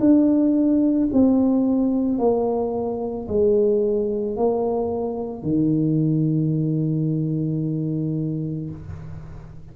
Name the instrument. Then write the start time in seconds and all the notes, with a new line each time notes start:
tuba
0.00 D4
1.13 C4
2.18 A#3
3.28 G#3
4.36 A#3
5.42 D#3